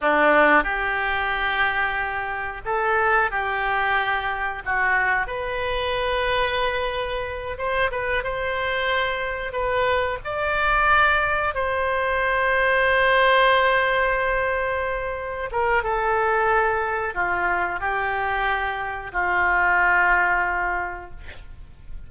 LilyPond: \new Staff \with { instrumentName = "oboe" } { \time 4/4 \tempo 4 = 91 d'4 g'2. | a'4 g'2 fis'4 | b'2.~ b'8 c''8 | b'8 c''2 b'4 d''8~ |
d''4. c''2~ c''8~ | c''2.~ c''8 ais'8 | a'2 f'4 g'4~ | g'4 f'2. | }